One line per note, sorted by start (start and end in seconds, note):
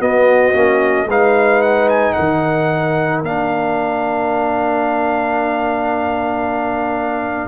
0.00 0.54 B3
0.00 1.07 F#4
0.00 1.09 D#5
0.54 1.06 A#3
0.54 1.08 C#4
1.06 2.13 G#3
1.06 3.25 D#4
1.06 2.15 B4
1.06 1.62 F5
1.62 1.89 F#5
1.89 2.13 G#5
2.13 3.23 D#3
2.13 7.48 A#4
2.13 3.20 F#5
3.23 7.48 A#3
3.23 7.48 D4
3.23 7.48 F5